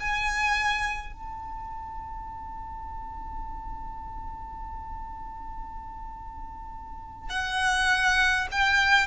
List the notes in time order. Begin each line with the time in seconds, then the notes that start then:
0.00 G#5
1.13 A5
7.30 F#5
8.52 G5